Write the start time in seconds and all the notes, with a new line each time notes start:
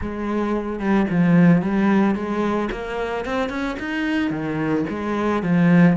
0.01 G#3
0.79 G3
1.10 F3
1.62 G3
2.15 G#3
2.71 A#3
3.25 C4
3.49 C#4
3.79 D#4
4.30 D#3
4.89 G#3
5.42 F3